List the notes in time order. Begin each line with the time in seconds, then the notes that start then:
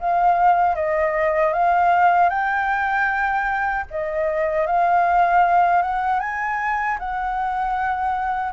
0.00 F5
0.75 D#5
1.53 F5
2.30 G5
3.91 D#5
4.67 F5
5.82 F#5
6.20 G#5
6.99 F#5